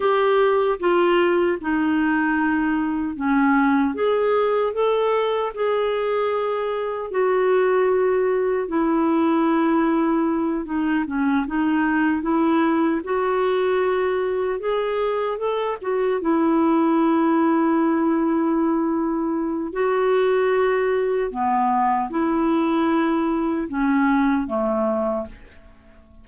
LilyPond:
\new Staff \with { instrumentName = "clarinet" } { \time 4/4 \tempo 4 = 76 g'4 f'4 dis'2 | cis'4 gis'4 a'4 gis'4~ | gis'4 fis'2 e'4~ | e'4. dis'8 cis'8 dis'4 e'8~ |
e'8 fis'2 gis'4 a'8 | fis'8 e'2.~ e'8~ | e'4 fis'2 b4 | e'2 cis'4 a4 | }